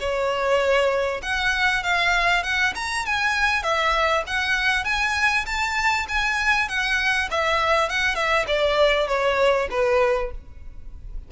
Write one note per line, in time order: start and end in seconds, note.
0.00 1.21 C#5
1.22 1.83 F#5
1.83 2.43 F5
2.43 2.74 F#5
2.75 3.06 A#5
3.06 3.63 G#5
3.63 4.23 E5
4.27 4.84 F#5
4.84 5.45 G#5
5.46 6.06 A5
6.08 6.68 G#5
6.68 7.29 F#5
7.31 7.89 E5
7.89 8.15 F#5
8.15 8.45 E5
8.47 9.07 D5
9.07 9.68 C#5
9.70 10.31 B4